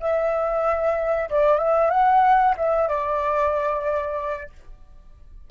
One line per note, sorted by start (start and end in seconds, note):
0.00 1.29 E5
1.30 1.58 D5
1.58 1.90 E5
1.90 2.55 F#5
2.57 2.88 E5
2.88 4.50 D5